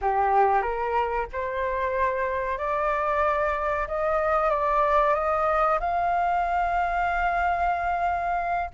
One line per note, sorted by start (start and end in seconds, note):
0.01 0.62 G4
0.62 1.26 A#4
1.32 2.58 C5
2.58 3.87 D5
3.87 4.50 D#5
4.50 5.14 D5
5.14 5.79 D#5
5.80 8.70 F5